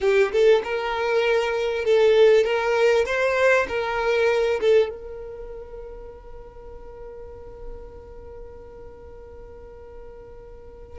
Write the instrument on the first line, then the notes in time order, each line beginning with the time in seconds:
violin
0.01 G4
0.31 A4
0.64 A#4
1.85 A4
2.44 A#4
3.05 C5
3.68 A#4
4.60 A4
4.89 A#4